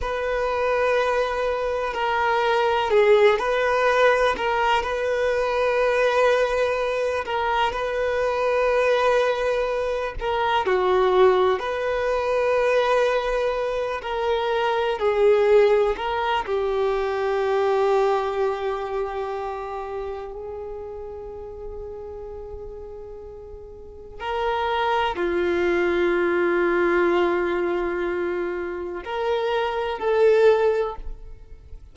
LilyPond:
\new Staff \with { instrumentName = "violin" } { \time 4/4 \tempo 4 = 62 b'2 ais'4 gis'8 b'8~ | b'8 ais'8 b'2~ b'8 ais'8 | b'2~ b'8 ais'8 fis'4 | b'2~ b'8 ais'4 gis'8~ |
gis'8 ais'8 g'2.~ | g'4 gis'2.~ | gis'4 ais'4 f'2~ | f'2 ais'4 a'4 | }